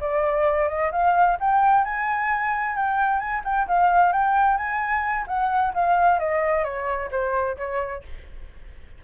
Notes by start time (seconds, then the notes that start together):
0.00 D5
0.68 D#5
0.91 F5
1.40 G5
1.84 G#5
2.75 G5
3.19 G#5
3.44 G5
3.67 F5
4.12 G5
4.57 G#5
5.27 F#5
5.74 F5
6.19 D#5
6.63 C#5
7.11 C5
7.57 C#5